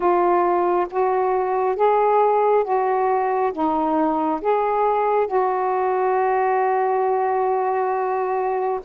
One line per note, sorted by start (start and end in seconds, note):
0.00 0.87 F4
0.90 1.76 F#4
1.76 2.64 G#4
2.64 3.52 F#4
3.52 4.40 D#4
4.41 5.27 G#4
5.27 8.80 F#4